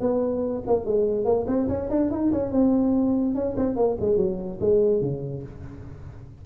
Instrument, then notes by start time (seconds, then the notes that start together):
tuba
0.00 B3
0.67 A#3
0.85 G#3
1.24 A#3
1.47 C4
1.68 C#4
1.90 D4
2.10 D#4
2.32 C#4
2.51 C4
3.34 C#4
3.57 C4
3.76 A#3
4.00 G#3
4.17 F#3
4.60 G#3
5.01 C#3